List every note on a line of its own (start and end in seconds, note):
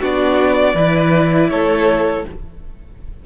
0.00 0.74 B3
0.00 0.76 D4
0.00 0.75 F#4
0.00 1.50 D5
0.74 1.49 E3
0.74 2.26 E4
0.74 1.50 B4
1.50 2.25 A3
1.50 2.25 A4
1.50 2.25 C#5